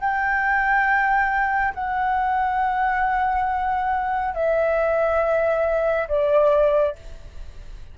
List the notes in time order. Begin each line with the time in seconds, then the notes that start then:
0.00 G5
1.74 F#5
4.34 E5
6.08 D5